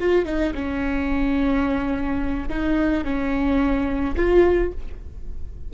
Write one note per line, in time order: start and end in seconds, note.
0.00 0.26 F4
0.26 0.53 D#4
0.54 2.49 C#4
2.49 3.04 D#4
3.04 4.15 C#4
4.16 4.72 F4